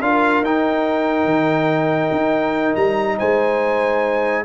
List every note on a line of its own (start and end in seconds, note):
0.00 0.41 D4
0.00 0.45 F4
0.00 3.18 A#4
0.00 0.44 F5
0.41 1.25 D#4
0.41 4.45 D#4
0.41 2.76 G5
1.25 2.10 D#3
2.12 2.75 D#4
2.76 3.18 G3
2.76 3.18 A#5
3.18 4.45 G#3
3.18 4.45 C5
3.18 4.45 G#5